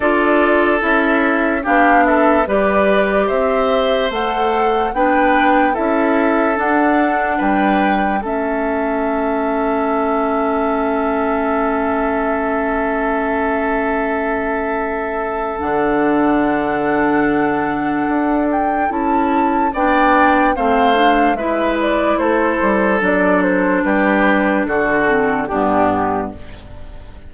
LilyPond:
<<
  \new Staff \with { instrumentName = "flute" } { \time 4/4 \tempo 4 = 73 d''4 e''4 f''8 e''8 d''4 | e''4 fis''4 g''4 e''4 | fis''4 g''4 e''2~ | e''1~ |
e''2. fis''4~ | fis''2~ fis''8 g''8 a''4 | g''4 f''4 e''8 d''8 c''4 | d''8 c''8 b'4 a'4 g'4 | }
  \new Staff \with { instrumentName = "oboe" } { \time 4/4 a'2 g'8 a'8 b'4 | c''2 b'4 a'4~ | a'4 b'4 a'2~ | a'1~ |
a'1~ | a'1 | d''4 c''4 b'4 a'4~ | a'4 g'4 fis'4 d'4 | }
  \new Staff \with { instrumentName = "clarinet" } { \time 4/4 f'4 e'4 d'4 g'4~ | g'4 a'4 d'4 e'4 | d'2 cis'2~ | cis'1~ |
cis'2. d'4~ | d'2. e'4 | d'4 c'8 d'8 e'2 | d'2~ d'8 c'8 b4 | }
  \new Staff \with { instrumentName = "bassoon" } { \time 4/4 d'4 cis'4 b4 g4 | c'4 a4 b4 cis'4 | d'4 g4 a2~ | a1~ |
a2. d4~ | d2 d'4 cis'4 | b4 a4 gis4 a8 g8 | fis4 g4 d4 g,4 | }
>>